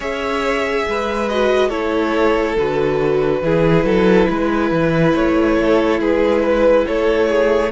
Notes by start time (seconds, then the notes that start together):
0.00 C#4 G#4 C#5 E5
0.88 G#3 B4
1.28 F#4 D#5
1.69 A3 E4 A4 C#5
2.56 D3 F#4 B4
3.41 E3 E4 G#4
3.84 F#3 A4
4.29 G#3 B4
4.71 E3
5.14 A3 C#5
5.60 A4
5.99 G#3 G#4 B4
6.42 B4
6.86 A3 A4 C#5
7.29 G#4